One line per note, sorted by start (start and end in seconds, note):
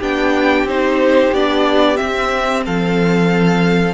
0.00 0.64 B3
0.00 0.68 D4
0.00 2.64 G4
0.00 0.68 G5
0.64 1.30 C4
0.64 1.34 D#4
0.64 1.34 C5
1.32 1.98 B3
1.32 1.96 D4
1.32 1.96 D5
1.96 3.94 C4
1.96 2.66 C4
1.96 2.62 E5
2.65 3.94 F3
2.65 3.94 A4
2.65 3.94 F5